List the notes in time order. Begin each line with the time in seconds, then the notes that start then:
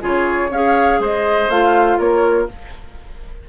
0.00 C#3 F4 G#4 C#5
0.50 C#4 G#4 C#5 F5
0.99 G#3 C5 D#5
1.49 A3 F4 F5
1.98 A#3 A#4 C#5